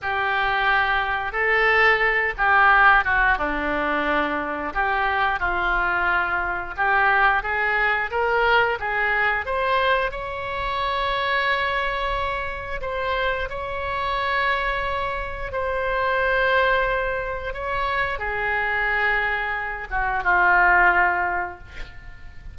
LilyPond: \new Staff \with { instrumentName = "oboe" } { \time 4/4 \tempo 4 = 89 g'2 a'4. g'8~ | g'8 fis'8 d'2 g'4 | f'2 g'4 gis'4 | ais'4 gis'4 c''4 cis''4~ |
cis''2. c''4 | cis''2. c''4~ | c''2 cis''4 gis'4~ | gis'4. fis'8 f'2 | }